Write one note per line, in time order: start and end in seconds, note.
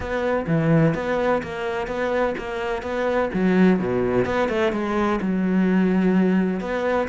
0.00 0.46 B3
0.47 0.94 E3
0.94 1.42 B3
1.42 1.87 A#3
1.87 2.34 B3
2.38 2.82 A#3
2.82 3.29 B3
3.33 3.79 F#3
3.79 4.25 B2
4.25 4.48 B3
4.48 4.72 A3
4.72 5.19 G#3
5.21 6.60 F#3
6.60 7.07 B3